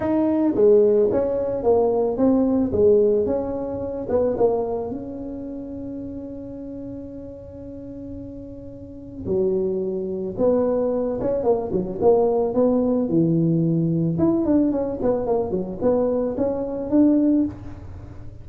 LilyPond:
\new Staff \with { instrumentName = "tuba" } { \time 4/4 \tempo 4 = 110 dis'4 gis4 cis'4 ais4 | c'4 gis4 cis'4. b8 | ais4 cis'2.~ | cis'1~ |
cis'4 fis2 b4~ | b8 cis'8 ais8 fis8 ais4 b4 | e2 e'8 d'8 cis'8 b8 | ais8 fis8 b4 cis'4 d'4 | }